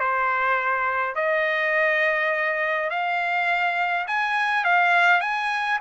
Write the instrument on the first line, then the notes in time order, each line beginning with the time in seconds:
trumpet
0.00 C5
1.15 D#5
2.90 F5
4.08 G#5
4.64 F5
5.21 G#5